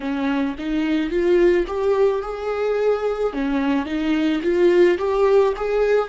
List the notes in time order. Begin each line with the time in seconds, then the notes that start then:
0.00 C#4
0.58 D#4
1.10 F4
1.67 G4
2.22 G#4
3.33 C#4
3.85 D#4
4.42 F4
4.97 G4
5.56 G#4